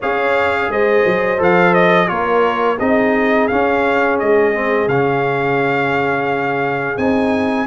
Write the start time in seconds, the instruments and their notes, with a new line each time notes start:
0.00 tuba C#4, trombone G#4, horn C#5, trumpet F5
0.68 tuba G#3, horn C5, trumpet D#5
1.05 tuba F#3
1.38 tuba F3, trombone A4, trumpet F5
1.73 trumpet D#5
2.07 tuba A#3, trombone F4, horn A#4, trumpet C#5
2.79 tuba C4, trombone D#4, horn G#4, trumpet D#5
3.47 trombone C#4, tuba C#4, trumpet F5
4.19 tuba G#3, trumpet D#5
4.53 trombone C4
4.87 tuba C#3, trombone C#4, trumpet F5
6.97 tuba C4, trombone D#4, trumpet G#5